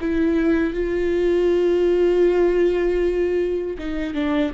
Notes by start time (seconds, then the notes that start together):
0.00 E4
0.74 F4
3.78 D#4
4.14 D4